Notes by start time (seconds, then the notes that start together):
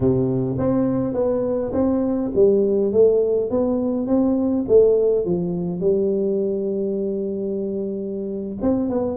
0.00 C3
0.58 C4
1.13 B3
1.72 C4
2.35 G3
2.92 A3
3.50 B3
4.06 C4
4.68 A3
5.25 F3
5.80 G3
8.61 C4
8.89 B3